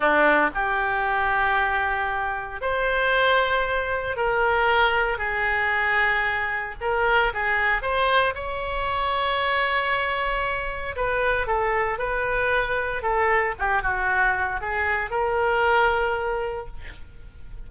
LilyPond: \new Staff \with { instrumentName = "oboe" } { \time 4/4 \tempo 4 = 115 d'4 g'2.~ | g'4 c''2. | ais'2 gis'2~ | gis'4 ais'4 gis'4 c''4 |
cis''1~ | cis''4 b'4 a'4 b'4~ | b'4 a'4 g'8 fis'4. | gis'4 ais'2. | }